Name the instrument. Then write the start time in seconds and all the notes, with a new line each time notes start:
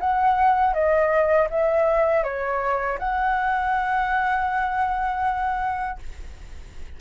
flute
0.00 F#5
0.74 D#5
1.50 E5
2.24 C#5
2.99 F#5